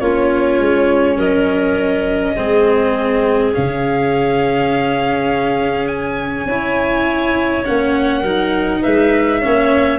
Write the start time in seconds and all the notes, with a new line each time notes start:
0.00 A#3 C#4 F4 C#5
0.59 G#3
1.16 F#3 A#4 D#5
2.36 G#3 C4 G#4
3.54 C#3 C#4 F5
5.87 G#5
6.46 C#4 E4 C#5
7.65 A#3 C#4 F#5
8.20 F#3 D#4 A#4
8.82 G#3 B4 E5
9.41 A#3 C#4 C#5